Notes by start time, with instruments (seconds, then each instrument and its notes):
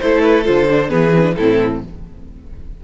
0.00 cello A3, viola E4, violin A4 C5
0.22 violin B4
0.45 cello D3, viola F4, violin C5
0.70 viola D4
0.89 cello E3, viola B3, violin G#4 B4
1.15 viola C4
1.22 viola D4
1.36 cello A2, viola C4, violin E4 A4